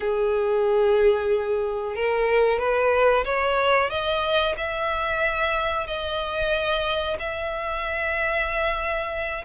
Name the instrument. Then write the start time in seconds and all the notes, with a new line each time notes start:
violin
0.00 G#4
1.95 A#4
2.59 B4
3.24 C#5
3.90 D#5
4.57 E5
5.87 D#5
7.19 E5